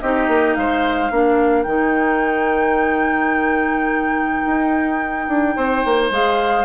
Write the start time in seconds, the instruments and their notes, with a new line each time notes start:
0.00 bassoon C4, clarinet D#4, oboe G4, flute D#5
0.27 bassoon A#3
0.54 bassoon G#3, oboe C5, flute F5
1.10 bassoon A#3, clarinet D4, oboe A#4
1.62 bassoon D#3, clarinet D#4, flute G5
4.46 bassoon D#4
5.28 bassoon D4
5.55 bassoon C4, oboe C5
5.84 bassoon A#3
6.10 bassoon G#3, clarinet G#4, flute F5